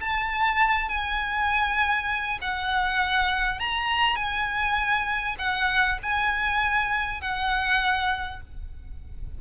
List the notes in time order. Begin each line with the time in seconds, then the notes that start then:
0.00 A5
0.89 G#5
2.41 F#5
3.59 A#5
4.16 G#5
5.39 F#5
6.03 G#5
7.21 F#5